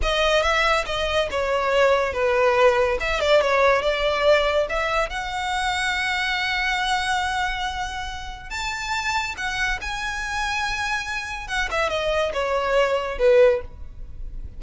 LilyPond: \new Staff \with { instrumentName = "violin" } { \time 4/4 \tempo 4 = 141 dis''4 e''4 dis''4 cis''4~ | cis''4 b'2 e''8 d''8 | cis''4 d''2 e''4 | fis''1~ |
fis''1 | a''2 fis''4 gis''4~ | gis''2. fis''8 e''8 | dis''4 cis''2 b'4 | }